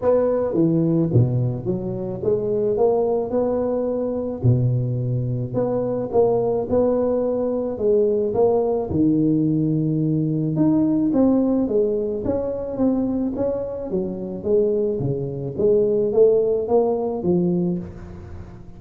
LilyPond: \new Staff \with { instrumentName = "tuba" } { \time 4/4 \tempo 4 = 108 b4 e4 b,4 fis4 | gis4 ais4 b2 | b,2 b4 ais4 | b2 gis4 ais4 |
dis2. dis'4 | c'4 gis4 cis'4 c'4 | cis'4 fis4 gis4 cis4 | gis4 a4 ais4 f4 | }